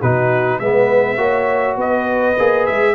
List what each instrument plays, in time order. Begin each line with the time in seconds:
0.00 tuba B2, trombone D#4, horn F#4, trumpet B4
0.59 tuba G#3, trombone B3, horn B4, trumpet E5
1.17 tuba A#3, trombone F#4, horn C#5
1.76 tuba B3, horn B4, trumpet D#5
2.38 tuba A#3, trombone G#4
2.66 tuba G#3, trumpet E5